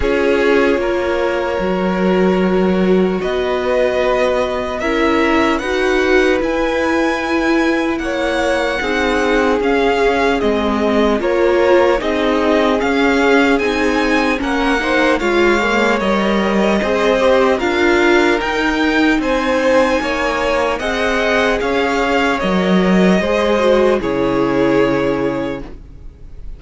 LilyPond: <<
  \new Staff \with { instrumentName = "violin" } { \time 4/4 \tempo 4 = 75 cis''1 | dis''2 e''4 fis''4 | gis''2 fis''2 | f''4 dis''4 cis''4 dis''4 |
f''4 gis''4 fis''4 f''4 | dis''2 f''4 g''4 | gis''2 fis''4 f''4 | dis''2 cis''2 | }
  \new Staff \with { instrumentName = "violin" } { \time 4/4 gis'4 ais'2. | b'2 ais'4 b'4~ | b'2 cis''4 gis'4~ | gis'2 ais'4 gis'4~ |
gis'2 ais'8 c''8 cis''4~ | cis''4 c''4 ais'2 | c''4 cis''4 dis''4 cis''4~ | cis''4 c''4 gis'2 | }
  \new Staff \with { instrumentName = "viola" } { \time 4/4 f'2 fis'2~ | fis'2 e'4 fis'4 | e'2. dis'4 | cis'4 c'4 f'4 dis'4 |
cis'4 dis'4 cis'8 dis'8 f'8 ais8 | ais'4 gis'8 g'8 f'4 dis'4~ | dis'2 gis'2 | ais'4 gis'8 fis'8 e'2 | }
  \new Staff \with { instrumentName = "cello" } { \time 4/4 cis'4 ais4 fis2 | b2 cis'4 dis'4 | e'2 ais4 c'4 | cis'4 gis4 ais4 c'4 |
cis'4 c'4 ais4 gis4 | g4 c'4 d'4 dis'4 | c'4 ais4 c'4 cis'4 | fis4 gis4 cis2 | }
>>